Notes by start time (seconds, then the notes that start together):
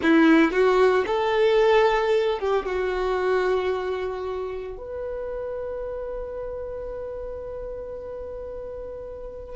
0.02 E4
0.51 F#4
1.06 A4
2.39 G4
2.65 F#4
4.77 B4